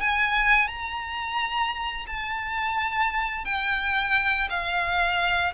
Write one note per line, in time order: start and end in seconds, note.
0.00 0.67 G#5
0.67 2.05 A#5
2.07 3.45 A5
3.45 4.48 G5
4.49 5.53 F5